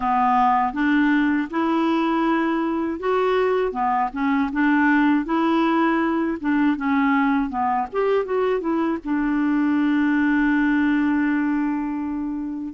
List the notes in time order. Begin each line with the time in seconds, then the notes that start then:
0.00 B3
0.73 D4
1.50 E4
2.99 F#4
3.72 B3
4.12 C#4
4.52 D4
5.25 E4
6.40 D4
6.77 C#4
7.49 B3
7.92 G4
8.25 F#4
8.60 E4
9.04 D4